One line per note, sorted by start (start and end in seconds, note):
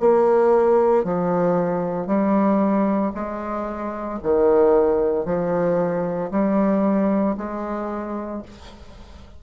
0.00 1.04 A#3
1.04 2.07 F3
2.07 3.12 G3
3.14 4.20 G#3
4.22 5.25 D#3
5.25 6.30 F3
6.31 7.36 G3
7.37 8.42 G#3